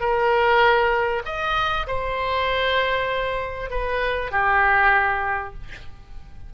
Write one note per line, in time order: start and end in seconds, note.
0.00 1.22 A#4
1.25 1.86 D#5
1.87 3.70 C5
3.70 4.31 B4
4.31 5.54 G4